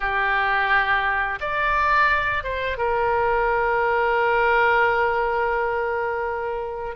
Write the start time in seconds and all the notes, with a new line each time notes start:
0.00 G4
1.40 D5
2.43 C5
2.77 A#4